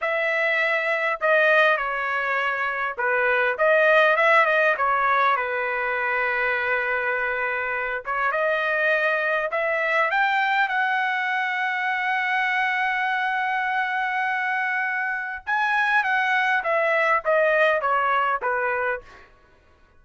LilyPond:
\new Staff \with { instrumentName = "trumpet" } { \time 4/4 \tempo 4 = 101 e''2 dis''4 cis''4~ | cis''4 b'4 dis''4 e''8 dis''8 | cis''4 b'2.~ | b'4. cis''8 dis''2 |
e''4 g''4 fis''2~ | fis''1~ | fis''2 gis''4 fis''4 | e''4 dis''4 cis''4 b'4 | }